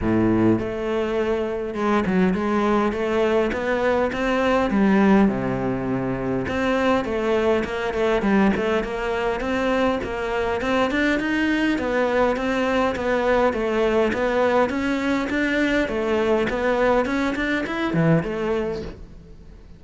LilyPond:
\new Staff \with { instrumentName = "cello" } { \time 4/4 \tempo 4 = 102 a,4 a2 gis8 fis8 | gis4 a4 b4 c'4 | g4 c2 c'4 | a4 ais8 a8 g8 a8 ais4 |
c'4 ais4 c'8 d'8 dis'4 | b4 c'4 b4 a4 | b4 cis'4 d'4 a4 | b4 cis'8 d'8 e'8 e8 a4 | }